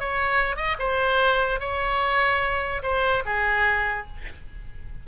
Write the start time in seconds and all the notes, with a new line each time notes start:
0.00 C#5
0.56 D#5
0.79 C5
1.60 C#5
2.83 C5
3.25 G#4